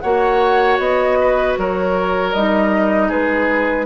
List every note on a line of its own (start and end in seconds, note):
0.00 0.78 A#3
0.00 2.35 F#4
0.00 1.18 C#5
0.00 0.77 F#5
0.78 1.55 B3
0.78 1.55 D#5
1.20 1.59 B4
1.57 2.34 F#3
1.57 3.08 A#4
1.57 2.33 C#5
2.33 3.10 G3
2.33 3.86 D#4
2.33 3.10 D#5
3.08 3.86 G#3
3.08 3.85 G#4
3.08 3.86 B4